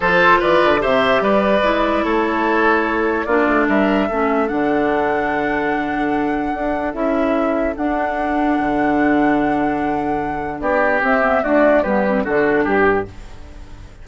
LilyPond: <<
  \new Staff \with { instrumentName = "flute" } { \time 4/4 \tempo 4 = 147 c''4 d''4 e''4 d''4~ | d''4 cis''2. | d''4 e''2 fis''4~ | fis''1~ |
fis''4 e''2 fis''4~ | fis''1~ | fis''2 d''4 e''4 | d''4 b'4 a'4 g'4 | }
  \new Staff \with { instrumentName = "oboe" } { \time 4/4 a'4 b'4 c''4 b'4~ | b'4 a'2. | f'4 ais'4 a'2~ | a'1~ |
a'1~ | a'1~ | a'2 g'2 | fis'4 g'4 fis'4 g'4 | }
  \new Staff \with { instrumentName = "clarinet" } { \time 4/4 f'2 g'2 | e'1 | d'2 cis'4 d'4~ | d'1~ |
d'4 e'2 d'4~ | d'1~ | d'2. c'8 b8 | a4 b8 c'8 d'2 | }
  \new Staff \with { instrumentName = "bassoon" } { \time 4/4 f4 e8 d8 c4 g4 | gis4 a2. | ais8 a8 g4 a4 d4~ | d1 |
d'4 cis'2 d'4~ | d'4 d2.~ | d2 b4 c'4 | d'4 g4 d4 g,4 | }
>>